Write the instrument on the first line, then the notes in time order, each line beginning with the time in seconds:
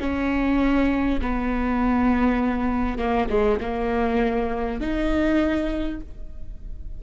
viola
0.00 C#4
1.22 B3
2.98 A#3
3.29 G#3
3.61 A#3
4.81 D#4